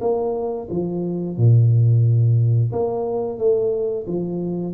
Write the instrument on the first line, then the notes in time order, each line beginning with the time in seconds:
tuba
0.00 A#3
0.70 F3
1.36 A#2
2.72 A#3
3.38 A3
4.07 F3